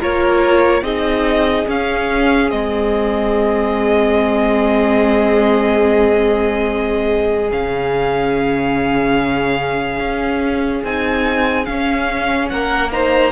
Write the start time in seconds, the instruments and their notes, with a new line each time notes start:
0.00 cello A#3, viola F4, violin A#4 C#5
0.82 cello C4, viola D#4, violin G#4 D#5
1.68 viola C#4, cello C#4, violin F5
2.50 cello G#3, viola C4, violin D#5
7.51 cello C#3, viola C#4, violin F5
10.00 cello C#4
10.84 cello C4, viola D#4, violin G#5
11.65 viola C#4, cello C#4, violin F5
12.49 cello A#3, violin A#4 F#5
12.92 viola D#4, violin C5 A#5